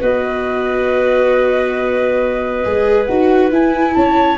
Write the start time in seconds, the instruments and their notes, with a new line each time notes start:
0.00 tuba B3, viola F#4, clarinet B4, flute D#5
2.65 tuba G#3, viola G#4
3.06 tuba D#4, viola F#4, flute F#5
3.51 tuba E4, viola E4, flute G#5
3.94 tuba C#4, clarinet C#5, flute A5